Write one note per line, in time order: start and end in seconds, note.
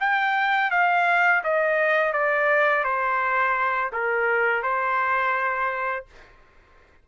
0.00 0.71 G5
0.71 1.43 F5
1.44 2.13 D#5
2.13 2.84 D5
2.84 3.91 C5
3.92 4.63 A#4
4.63 6.06 C5